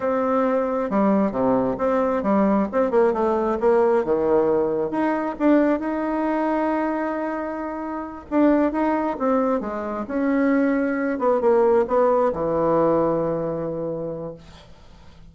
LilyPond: \new Staff \with { instrumentName = "bassoon" } { \time 4/4 \tempo 4 = 134 c'2 g4 c4 | c'4 g4 c'8 ais8 a4 | ais4 dis2 dis'4 | d'4 dis'2.~ |
dis'2~ dis'8 d'4 dis'8~ | dis'8 c'4 gis4 cis'4.~ | cis'4 b8 ais4 b4 e8~ | e1 | }